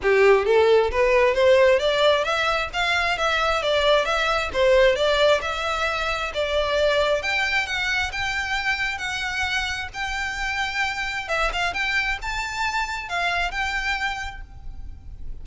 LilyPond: \new Staff \with { instrumentName = "violin" } { \time 4/4 \tempo 4 = 133 g'4 a'4 b'4 c''4 | d''4 e''4 f''4 e''4 | d''4 e''4 c''4 d''4 | e''2 d''2 |
g''4 fis''4 g''2 | fis''2 g''2~ | g''4 e''8 f''8 g''4 a''4~ | a''4 f''4 g''2 | }